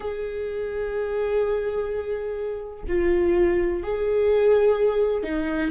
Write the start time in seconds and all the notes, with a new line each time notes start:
0.00 G#4
2.87 F4
3.83 G#4
5.23 D#4